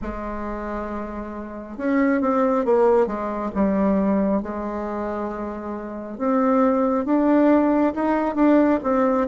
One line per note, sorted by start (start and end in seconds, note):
0.01 1.77 G#3
1.77 2.21 C#4
2.21 2.65 C4
2.65 3.06 A#3
3.06 3.51 G#3
3.54 4.42 G3
4.42 6.18 G#3
6.18 7.05 C4
7.05 7.93 D4
7.95 8.35 D#4
8.35 8.79 D4
8.83 9.27 C4